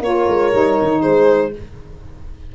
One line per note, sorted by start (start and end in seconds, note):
0.00 0.25 A#3
0.00 0.53 F4
0.00 1.02 A#4
0.00 1.02 C#5
0.29 0.54 G#3
0.53 0.79 G3
0.53 1.53 D#4
0.82 1.05 D#3
1.02 1.55 G#3
1.02 1.52 G#4
1.02 1.52 C5